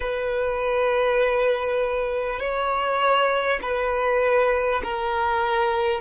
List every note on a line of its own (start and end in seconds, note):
0.00 2.39 B4
2.39 3.59 C#5
3.62 4.82 B4
4.83 6.01 A#4